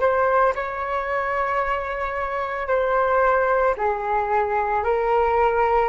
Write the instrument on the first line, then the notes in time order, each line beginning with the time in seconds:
flute
0.00 C5
0.56 C#5
2.68 C5
3.77 G#4
4.84 A#4